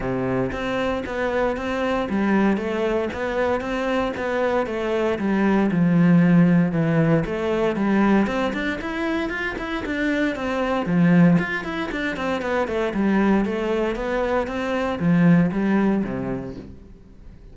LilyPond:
\new Staff \with { instrumentName = "cello" } { \time 4/4 \tempo 4 = 116 c4 c'4 b4 c'4 | g4 a4 b4 c'4 | b4 a4 g4 f4~ | f4 e4 a4 g4 |
c'8 d'8 e'4 f'8 e'8 d'4 | c'4 f4 f'8 e'8 d'8 c'8 | b8 a8 g4 a4 b4 | c'4 f4 g4 c4 | }